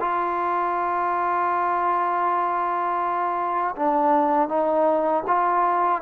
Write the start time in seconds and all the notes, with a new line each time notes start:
0.00 F4
3.76 D4
4.49 D#4
5.27 F4